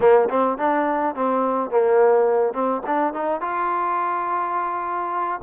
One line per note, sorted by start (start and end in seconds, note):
0.00 0.29 A#3
0.29 0.58 C4
0.58 1.15 D4
1.15 1.70 C4
1.70 2.53 A#3
2.53 2.82 C4
2.86 3.13 D4
3.13 3.40 D#4
3.40 5.40 F4